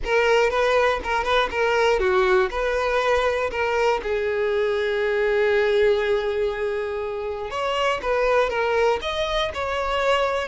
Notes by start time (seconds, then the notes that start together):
0.04 A#4
0.50 B4
1.03 A#4
1.24 B4
1.50 A#4
1.99 F#4
2.50 B4
3.50 A#4
4.02 G#4
7.50 C#5
8.01 B4
8.49 A#4
9.01 D#5
9.54 C#5